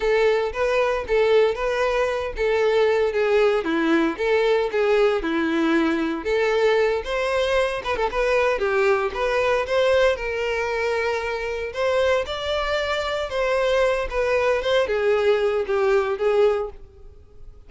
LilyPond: \new Staff \with { instrumentName = "violin" } { \time 4/4 \tempo 4 = 115 a'4 b'4 a'4 b'4~ | b'8 a'4. gis'4 e'4 | a'4 gis'4 e'2 | a'4. c''4. b'16 a'16 b'8~ |
b'8 g'4 b'4 c''4 ais'8~ | ais'2~ ais'8 c''4 d''8~ | d''4. c''4. b'4 | c''8 gis'4. g'4 gis'4 | }